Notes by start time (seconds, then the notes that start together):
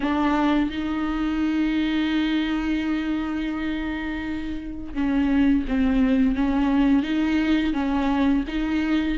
0.00 D4
0.70 D#4
4.94 C#4
5.68 C4
6.35 C#4
7.02 D#4
7.73 C#4
8.47 D#4